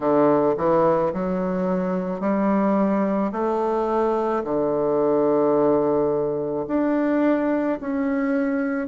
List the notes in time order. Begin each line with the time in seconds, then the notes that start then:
0.00 D3
0.57 E3
1.13 F#3
2.20 G3
3.32 A3
4.43 D3
6.67 D4
7.80 C#4